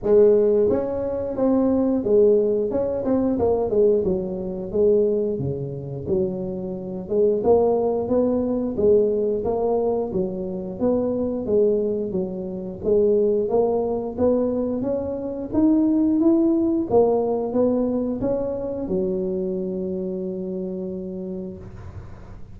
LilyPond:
\new Staff \with { instrumentName = "tuba" } { \time 4/4 \tempo 4 = 89 gis4 cis'4 c'4 gis4 | cis'8 c'8 ais8 gis8 fis4 gis4 | cis4 fis4. gis8 ais4 | b4 gis4 ais4 fis4 |
b4 gis4 fis4 gis4 | ais4 b4 cis'4 dis'4 | e'4 ais4 b4 cis'4 | fis1 | }